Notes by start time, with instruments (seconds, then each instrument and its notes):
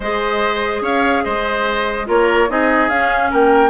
0.00 bassoon G#3, clarinet G#4, oboe C5, flute D#5
0.81 bassoon C#4, oboe C#5, flute F5
1.24 bassoon G#3, oboe C5, flute D#5
2.06 bassoon A#3, clarinet F4, oboe A#4, flute C#5
2.48 bassoon C4, clarinet D#4, oboe G#4, flute D#5
2.89 bassoon C#4, clarinet C#4, flute F5
3.30 bassoon A#3, oboe A#4, flute G5